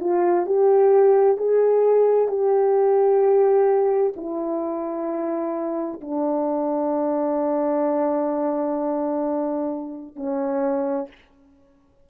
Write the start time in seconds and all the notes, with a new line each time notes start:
0.00 F4
0.46 G4
1.37 G#4
2.28 G4
4.16 E4
6.01 D4
10.15 C#4